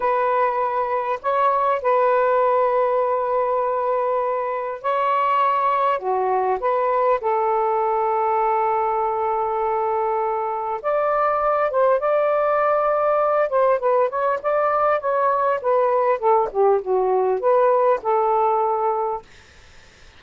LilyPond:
\new Staff \with { instrumentName = "saxophone" } { \time 4/4 \tempo 4 = 100 b'2 cis''4 b'4~ | b'1 | cis''2 fis'4 b'4 | a'1~ |
a'2 d''4. c''8 | d''2~ d''8 c''8 b'8 cis''8 | d''4 cis''4 b'4 a'8 g'8 | fis'4 b'4 a'2 | }